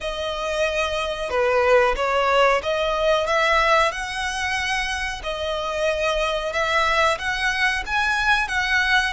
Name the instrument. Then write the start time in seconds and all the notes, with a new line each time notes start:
violin
0.01 D#5
1.30 B4
1.96 C#5
2.62 D#5
3.26 E5
3.91 F#5
5.23 D#5
6.52 E5
7.18 F#5
7.86 G#5
8.48 F#5